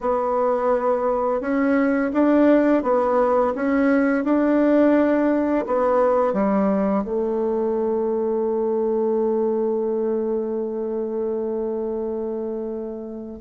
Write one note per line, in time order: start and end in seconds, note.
0.00 1.40 B3
1.40 2.11 C#4
2.13 2.82 D4
2.82 3.53 B3
3.55 4.24 C#4
4.24 5.65 D4
5.66 6.33 B3
6.33 7.04 G3
7.04 13.39 A3